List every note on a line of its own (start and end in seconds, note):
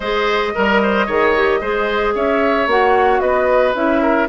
0.00 0.53 G#3
0.00 0.54 G#4
0.00 0.52 C5
0.00 2.13 D#5
0.54 1.07 G3
0.54 1.08 A#4
0.54 0.81 A#4
0.82 1.05 C5
1.05 1.61 D#3
1.05 1.35 G#4
1.05 1.59 C#5
1.35 1.62 G4
1.60 2.14 G#3
1.60 2.69 G#4
1.60 2.14 C5
2.14 2.67 C#4
2.14 3.21 C#5
2.14 2.68 E5
2.67 3.20 A#3
2.67 3.74 F#4
2.67 3.20 F#5
3.20 3.74 B3
3.20 4.02 B4
3.20 3.73 D#5
3.74 4.28 C#4
3.74 4.28 E4
3.74 4.28 E5
4.02 4.28 A#4